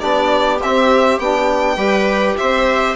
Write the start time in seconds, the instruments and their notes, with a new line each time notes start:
0.00 bassoon B3, trombone D4, viola G4, violin D5
0.63 bassoon C4, trombone C4, violin E5
1.19 bassoon B3, trombone D4, violin G5
1.77 bassoon G3, trombone G4, viola B4
2.37 bassoon C4, viola C5, violin E5